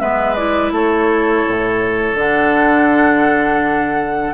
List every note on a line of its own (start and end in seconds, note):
0.00 0.72 G#3
0.00 0.37 B3
0.00 0.73 B4
0.00 0.35 E5
0.35 2.17 E4
0.35 0.71 D5
0.72 1.44 A3
0.72 4.34 A4
0.72 2.18 C#5
1.47 2.15 A2
2.15 4.32 D3
2.15 4.34 D4
2.15 4.34 F#5